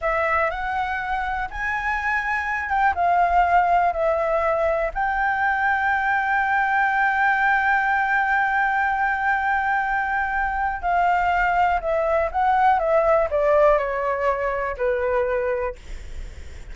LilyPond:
\new Staff \with { instrumentName = "flute" } { \time 4/4 \tempo 4 = 122 e''4 fis''2 gis''4~ | gis''4. g''8 f''2 | e''2 g''2~ | g''1~ |
g''1~ | g''2 f''2 | e''4 fis''4 e''4 d''4 | cis''2 b'2 | }